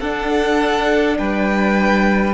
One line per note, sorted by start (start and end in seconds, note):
0.00 1.19 D4
0.00 2.34 D4
0.00 1.18 A4
0.00 1.18 F#5
1.18 2.34 G3
1.18 2.34 B4
1.18 2.34 G5